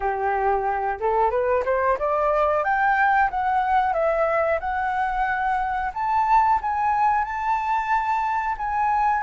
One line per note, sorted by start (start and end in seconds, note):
0.00 0.99 G4
1.00 1.30 A4
1.30 1.63 B4
1.65 1.98 C5
1.98 2.64 D5
2.64 3.30 G5
3.30 3.93 F#5
3.93 4.59 E5
4.60 5.92 F#5
5.93 6.59 A5
6.61 7.24 G#5
7.24 8.56 A5
8.57 9.23 G#5